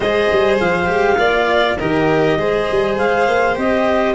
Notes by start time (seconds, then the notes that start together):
0.00 G#3 G#4 C5 D#5
0.31 G3
0.59 F3 F5
0.86 G#3 G4
1.17 A#3 F4 D5
1.78 D#3 G4 A#4 D#5
2.36 G#3 G#4 C5
2.70 G3
2.97 G#3 F5
3.27 A#3
3.55 C4 G4 D#5